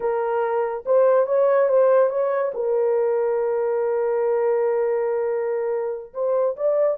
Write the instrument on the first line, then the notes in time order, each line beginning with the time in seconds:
horn
0.00 A#4
0.85 C5
1.26 C#5
1.68 C5
2.09 C#5
2.54 A#4
6.13 C5
6.56 D5